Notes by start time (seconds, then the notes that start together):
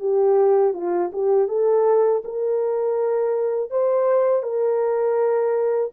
0.00 G4
0.74 F4
1.13 G4
1.48 A4
2.25 A#4
3.71 C5
4.43 A#4